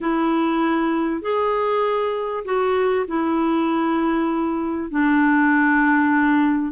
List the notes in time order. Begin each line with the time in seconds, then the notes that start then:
0.00 E4
1.21 G#4
2.44 F#4
3.08 E4
4.90 D4